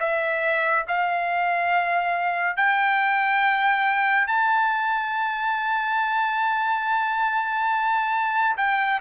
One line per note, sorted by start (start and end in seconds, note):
0.00 0.86 E5
0.88 2.57 F5
2.57 4.28 G5
4.28 8.57 A5
8.58 9.00 G5